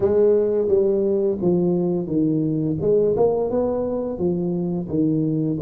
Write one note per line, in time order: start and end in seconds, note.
0.00 0.68 G#3
0.68 1.37 G3
1.41 2.06 F3
2.06 2.76 D#3
2.80 3.15 G#3
3.16 3.50 A#3
3.50 4.18 B3
4.18 4.88 F3
4.88 5.58 D#3